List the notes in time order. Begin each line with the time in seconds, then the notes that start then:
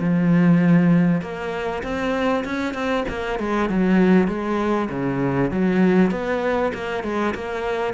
0.00 F3
1.21 A#3
1.83 C4
2.45 C#4
2.74 C4
3.09 A#3
3.39 G#3
3.70 F#3
4.27 G#3
4.90 C#3
5.51 F#3
6.11 B3
6.74 A#3
7.04 G#3
7.35 A#3